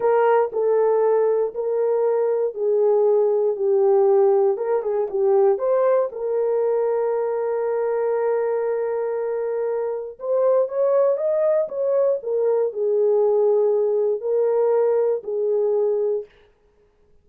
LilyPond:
\new Staff \with { instrumentName = "horn" } { \time 4/4 \tempo 4 = 118 ais'4 a'2 ais'4~ | ais'4 gis'2 g'4~ | g'4 ais'8 gis'8 g'4 c''4 | ais'1~ |
ais'1 | c''4 cis''4 dis''4 cis''4 | ais'4 gis'2. | ais'2 gis'2 | }